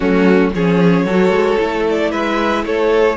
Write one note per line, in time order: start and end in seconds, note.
0.00 0.53 F#3
0.00 0.53 A3
0.00 0.53 C#4
0.00 0.49 F#4
0.54 1.05 F3
0.54 1.08 C#4
0.54 1.05 G#4
0.54 1.87 C#5
1.05 1.29 F#3
1.05 1.58 F#4
1.05 2.11 A4
1.29 1.56 G#3
1.58 2.13 A3
1.58 3.17 E4
1.89 2.11 D5
2.11 2.64 G#3
2.11 2.64 B4
2.11 2.64 E5
2.64 3.17 A3
2.64 3.17 A4
2.64 3.17 C#5